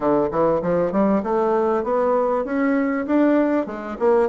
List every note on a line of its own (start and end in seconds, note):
0.00 0.29 D3
0.31 0.61 E3
0.62 0.92 F3
0.92 1.22 G3
1.23 1.83 A3
1.83 2.44 B3
2.45 3.06 C#4
3.06 3.66 D4
3.66 3.97 G#3
3.99 4.29 A#3